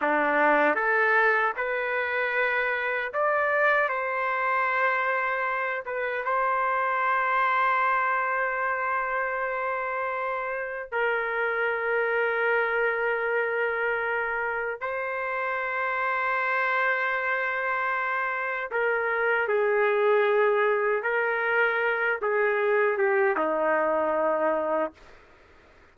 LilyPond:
\new Staff \with { instrumentName = "trumpet" } { \time 4/4 \tempo 4 = 77 d'4 a'4 b'2 | d''4 c''2~ c''8 b'8 | c''1~ | c''2 ais'2~ |
ais'2. c''4~ | c''1 | ais'4 gis'2 ais'4~ | ais'8 gis'4 g'8 dis'2 | }